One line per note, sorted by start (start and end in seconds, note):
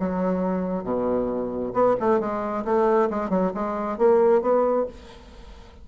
0.00 0.84 F#3
0.84 1.73 B2
1.74 1.96 B3
2.00 2.20 A3
2.20 2.65 G#3
2.65 3.09 A3
3.10 3.30 G#3
3.30 3.52 F#3
3.55 3.98 G#3
3.98 4.42 A#3
4.42 4.86 B3